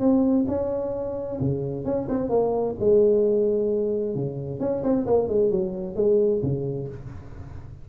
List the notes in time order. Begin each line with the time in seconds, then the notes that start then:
0.00 C4
0.48 C#4
1.40 C#3
1.85 C#4
2.09 C4
2.30 A#3
2.80 G#3
4.15 C#3
4.60 C#4
4.84 C4
5.07 A#3
5.29 G#3
5.51 F#3
5.96 G#3
6.43 C#3